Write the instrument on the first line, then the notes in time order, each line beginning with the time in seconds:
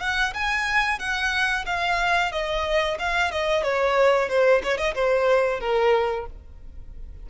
violin
0.00 F#5
0.33 G#5
0.99 F#5
1.65 F5
2.32 D#5
2.99 F5
3.31 D#5
3.63 C#5
4.29 C5
4.63 C#5
4.77 D#5
4.94 C5
5.60 A#4